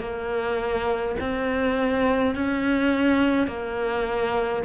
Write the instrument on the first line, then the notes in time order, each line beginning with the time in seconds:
cello
0.00 A#3
1.20 C4
2.35 C#4
3.47 A#3